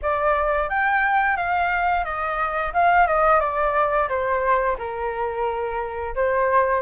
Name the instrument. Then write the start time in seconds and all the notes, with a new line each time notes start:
flute
0.02 D5
0.69 G5
1.36 F5
2.05 D#5
2.73 F5
3.07 D#5
3.40 D5
4.08 C5
4.78 A#4
6.15 C5